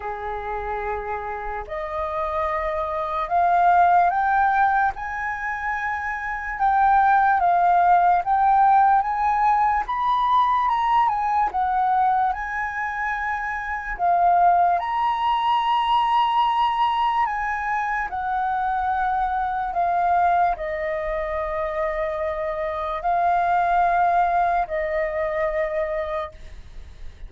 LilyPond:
\new Staff \with { instrumentName = "flute" } { \time 4/4 \tempo 4 = 73 gis'2 dis''2 | f''4 g''4 gis''2 | g''4 f''4 g''4 gis''4 | b''4 ais''8 gis''8 fis''4 gis''4~ |
gis''4 f''4 ais''2~ | ais''4 gis''4 fis''2 | f''4 dis''2. | f''2 dis''2 | }